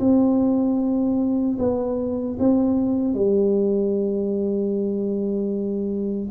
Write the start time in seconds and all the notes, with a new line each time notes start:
0.00 C4
1.59 B3
2.40 C4
3.14 G3